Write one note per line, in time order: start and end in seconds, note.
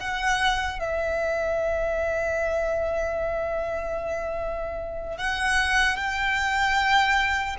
0.00 0.79 F#5
0.79 5.18 E5
5.18 5.96 F#5
5.96 7.56 G5